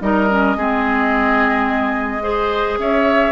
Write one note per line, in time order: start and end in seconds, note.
0.00 0.56 G3
0.00 0.28 D#4
0.00 0.57 A#4
0.00 2.79 D#5
0.30 0.57 C#4
0.56 2.78 G#3
0.56 2.21 C4
0.56 2.23 G#4
2.21 3.32 G#4
2.21 2.79 C5
2.78 3.32 C#4
2.78 3.32 C#5
2.78 3.32 E5